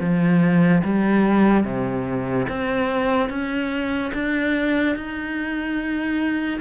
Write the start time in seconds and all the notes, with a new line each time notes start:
0.00 F3
0.84 G3
1.64 C3
2.48 C4
3.30 C#4
4.14 D4
4.96 D#4